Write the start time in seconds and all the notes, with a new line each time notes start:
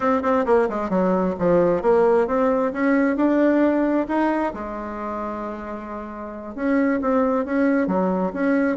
0.00 C#4
0.22 C4
0.45 A#3
0.69 G#3
0.89 F#3
1.39 F3
1.82 A#3
2.27 C4
2.72 C#4
3.16 D4
4.08 D#4
4.53 G#3
6.55 C#4
7.01 C4
7.45 C#4
7.87 F#3
8.33 C#4